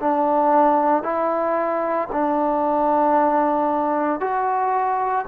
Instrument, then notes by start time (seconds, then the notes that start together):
trombone
0.00 D4
1.03 E4
2.12 D4
4.21 F#4